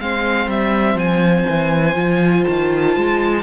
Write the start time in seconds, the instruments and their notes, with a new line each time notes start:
0.00 cello G#3, viola C4, violin C5 F5
0.47 cello G3, violin E5
0.95 cello F3, violin G#5
1.50 cello E3
1.95 cello F3, viola F4
2.44 cello D#3, violin A5
2.96 cello G#3